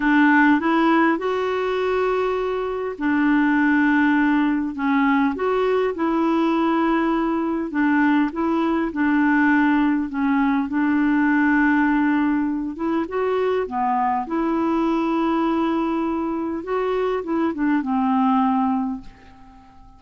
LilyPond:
\new Staff \with { instrumentName = "clarinet" } { \time 4/4 \tempo 4 = 101 d'4 e'4 fis'2~ | fis'4 d'2. | cis'4 fis'4 e'2~ | e'4 d'4 e'4 d'4~ |
d'4 cis'4 d'2~ | d'4. e'8 fis'4 b4 | e'1 | fis'4 e'8 d'8 c'2 | }